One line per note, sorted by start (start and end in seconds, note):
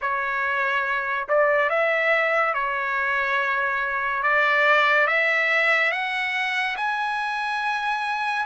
0.01 1.28 C#5
1.28 1.69 D5
1.69 2.54 E5
2.54 4.23 C#5
4.23 5.07 D5
5.07 5.91 E5
5.91 6.76 F#5
6.76 8.45 G#5